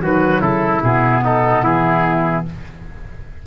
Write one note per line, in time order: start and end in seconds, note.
0.00 0.42 D#3
0.00 0.81 F#3
0.00 0.41 F#4
0.00 0.42 B4
0.41 0.82 C#3
0.41 1.22 E4
0.41 0.82 A4
0.84 1.64 B2
0.84 2.46 B3
0.84 1.24 G#4
1.24 1.64 D#4
1.24 1.66 A4
1.64 2.45 E3
1.64 2.45 E4
1.64 2.47 G#4